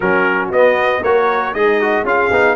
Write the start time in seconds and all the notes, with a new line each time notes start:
0.00 F#3 C#4 F#4 A#4
0.51 B3 D#5
1.01 A#3 F#4 A#4 C#5
1.52 G#3 D#4 G#4 D#5
1.80 F#4
2.03 C#4 F4 G#4 F5
2.30 B3 D#4